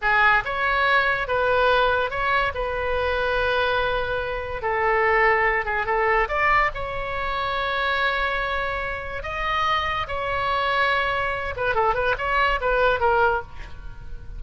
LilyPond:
\new Staff \with { instrumentName = "oboe" } { \time 4/4 \tempo 4 = 143 gis'4 cis''2 b'4~ | b'4 cis''4 b'2~ | b'2. a'4~ | a'4. gis'8 a'4 d''4 |
cis''1~ | cis''2 dis''2 | cis''2.~ cis''8 b'8 | a'8 b'8 cis''4 b'4 ais'4 | }